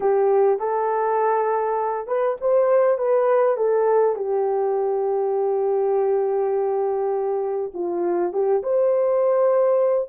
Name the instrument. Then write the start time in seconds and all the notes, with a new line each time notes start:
horn
0.00 G4
0.59 A4
2.07 B4
2.40 C5
2.98 B4
3.56 A4
4.15 G4
7.74 F4
8.32 G4
8.62 C5